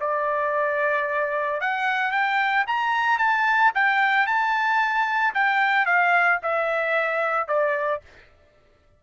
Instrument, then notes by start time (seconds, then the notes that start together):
trumpet
0.00 D5
1.60 F#5
2.11 G5
2.67 A#5
3.18 A5
3.75 G5
4.26 A5
5.34 G5
5.86 F5
6.42 E5
7.47 D5